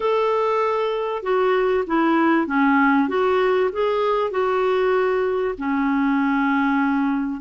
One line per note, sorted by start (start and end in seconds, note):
0.00 1.22 A4
1.22 1.84 F#4
1.86 2.47 E4
2.47 3.08 C#4
3.08 3.70 F#4
3.72 4.30 G#4
4.30 5.54 F#4
5.58 7.41 C#4